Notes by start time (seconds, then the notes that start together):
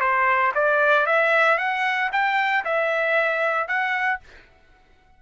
0.00 C5
0.55 D5
1.06 E5
1.58 F#5
2.12 G5
2.64 E5
3.68 F#5